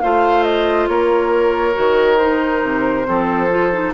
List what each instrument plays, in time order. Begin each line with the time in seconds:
0.00 bassoon A3, clarinet F4, oboe C5, flute F5
0.43 flute D#5
0.88 bassoon A#3, oboe A#4, flute C#5
1.74 bassoon D#3, clarinet F#4
2.18 clarinet D#4, flute C5
2.63 bassoon C3
3.05 bassoon F3, clarinet C4, oboe A4
3.50 clarinet F4
3.72 clarinet D#4